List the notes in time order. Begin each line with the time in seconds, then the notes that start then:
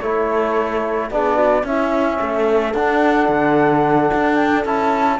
0.00 A3 E4 A4 C#5
1.10 B3 D4 G#4 D5
1.36 F#4
1.63 C#4 E4 E5
2.20 A3 A4
2.74 D4 F#5
3.28 D3
4.14 D4
4.36 G5
4.65 C#4 E4 A5